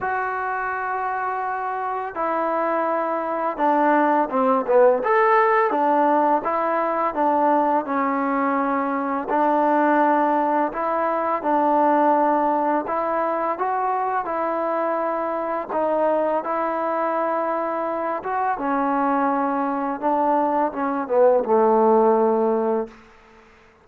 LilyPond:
\new Staff \with { instrumentName = "trombone" } { \time 4/4 \tempo 4 = 84 fis'2. e'4~ | e'4 d'4 c'8 b8 a'4 | d'4 e'4 d'4 cis'4~ | cis'4 d'2 e'4 |
d'2 e'4 fis'4 | e'2 dis'4 e'4~ | e'4. fis'8 cis'2 | d'4 cis'8 b8 a2 | }